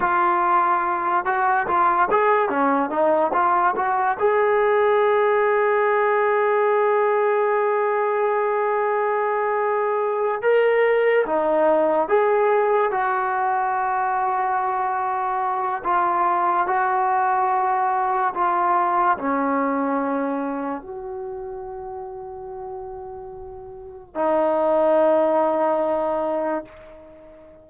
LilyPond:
\new Staff \with { instrumentName = "trombone" } { \time 4/4 \tempo 4 = 72 f'4. fis'8 f'8 gis'8 cis'8 dis'8 | f'8 fis'8 gis'2.~ | gis'1~ | gis'8 ais'4 dis'4 gis'4 fis'8~ |
fis'2. f'4 | fis'2 f'4 cis'4~ | cis'4 fis'2.~ | fis'4 dis'2. | }